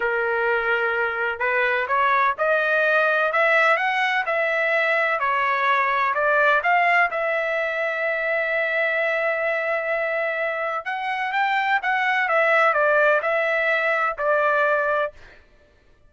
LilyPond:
\new Staff \with { instrumentName = "trumpet" } { \time 4/4 \tempo 4 = 127 ais'2. b'4 | cis''4 dis''2 e''4 | fis''4 e''2 cis''4~ | cis''4 d''4 f''4 e''4~ |
e''1~ | e''2. fis''4 | g''4 fis''4 e''4 d''4 | e''2 d''2 | }